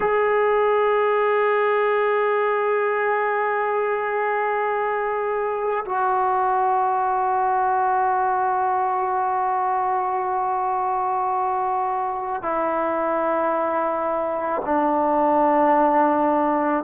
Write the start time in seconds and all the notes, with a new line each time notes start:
0.00 G#4
5.85 F#4
12.42 E4
14.65 D4